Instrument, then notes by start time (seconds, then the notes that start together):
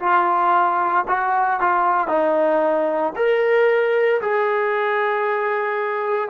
trombone
0.00 F4
1.08 F#4
1.61 F4
2.08 D#4
3.16 A#4
4.22 G#4